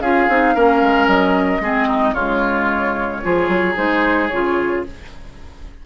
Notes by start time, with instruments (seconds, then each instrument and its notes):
0.00 bassoon C#4, clarinet F4, oboe G#4, flute F5
0.29 bassoon C4, clarinet D#4
0.55 bassoon A#3, clarinet C#4, oboe A#4
0.82 bassoon G#3
1.07 bassoon F#3, flute D#5
1.60 bassoon G#3, clarinet C4, oboe G#4
1.88 oboe D#4
2.14 bassoon C#3, clarinet G#3, oboe F4, flute C#5
3.23 bassoon F3, clarinet F4, oboe G#4
3.48 bassoon F#3
3.75 bassoon G#3, clarinet D#4, flute C5
4.28 bassoon C#3, clarinet F4, flute C#5